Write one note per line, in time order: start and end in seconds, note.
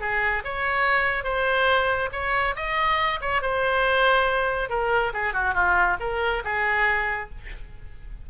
0.00 0.43 G#4
0.44 1.24 C#5
1.24 2.09 C5
2.12 2.55 C#5
2.56 3.20 D#5
3.21 3.42 C#5
3.42 4.70 C5
4.70 5.13 A#4
5.14 5.33 G#4
5.33 5.54 F#4
5.54 5.97 F4
6.00 6.43 A#4
6.44 7.30 G#4